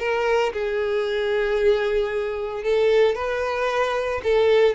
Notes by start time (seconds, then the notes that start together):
0.00 A#4
0.54 G#4
2.64 A4
3.16 B4
4.24 A4